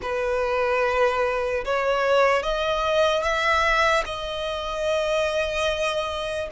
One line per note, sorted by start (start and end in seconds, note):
0.02 1.64 B4
1.64 2.43 C#5
2.43 3.22 D#5
3.22 4.03 E5
4.05 6.49 D#5